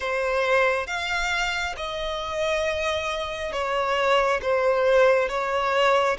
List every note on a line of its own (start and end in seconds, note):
0.00 0.86 C5
0.87 1.75 F5
1.76 3.52 D#5
3.52 4.40 C#5
4.42 5.29 C5
5.29 6.17 C#5